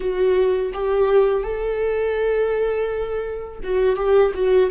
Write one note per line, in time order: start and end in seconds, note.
0.00 0.72 F#4
0.73 1.43 G4
1.43 3.59 A4
3.63 3.96 F#4
3.96 4.32 G4
4.34 4.70 F#4